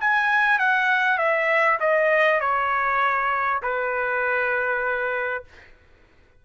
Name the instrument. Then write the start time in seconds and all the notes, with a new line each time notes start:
trumpet
0.00 G#5
0.58 F#5
1.18 E5
1.80 D#5
2.40 C#5
3.62 B4